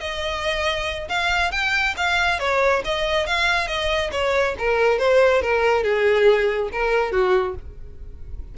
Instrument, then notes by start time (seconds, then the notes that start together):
violin
0.00 D#5
1.08 F5
1.51 G5
1.97 F5
2.39 C#5
2.84 D#5
3.26 F5
3.67 D#5
4.12 C#5
4.59 A#4
4.98 C5
5.42 A#4
5.83 G#4
6.72 A#4
7.11 F#4